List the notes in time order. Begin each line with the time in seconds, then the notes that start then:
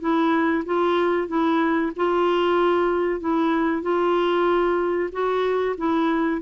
0.00 E4
0.65 F4
1.28 E4
1.96 F4
3.20 E4
3.82 F4
5.12 F#4
5.77 E4